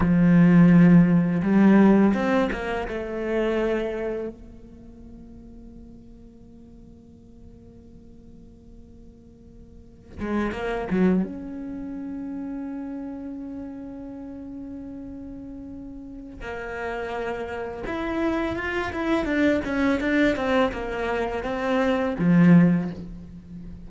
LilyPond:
\new Staff \with { instrumentName = "cello" } { \time 4/4 \tempo 4 = 84 f2 g4 c'8 ais8 | a2 ais2~ | ais1~ | ais2~ ais16 gis8 ais8 fis8 cis'16~ |
cis'1~ | cis'2. ais4~ | ais4 e'4 f'8 e'8 d'8 cis'8 | d'8 c'8 ais4 c'4 f4 | }